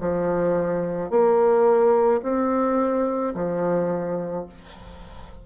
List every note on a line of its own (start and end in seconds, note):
0.00 1.10 F3
1.10 2.21 A#3
2.23 3.34 C4
3.35 4.46 F3